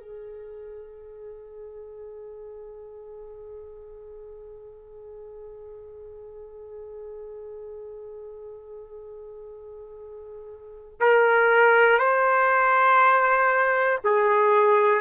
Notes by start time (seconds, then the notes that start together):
0.00 G#4
11.00 A#4
11.98 C5
14.04 G#4